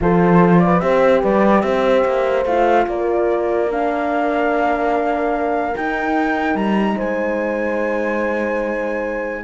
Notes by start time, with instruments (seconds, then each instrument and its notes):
0.01 cello F3, horn F4 A4, flute C5
0.59 horn B4, flute D5
0.80 cello C4, horn G4 C5, flute E5
1.21 cello G3, horn B4, flute D5
1.61 cello C4, horn C5, flute E5
2.05 cello A#3
2.45 cello A3, horn F4, flute F5
2.87 cello A#3, horn A#4, flute D5
3.70 horn D4, flute F5
5.75 horn D#4, cello D#4, flute G5
6.54 cello G3, flute A#5
6.96 cello G#3, horn C5, flute G#5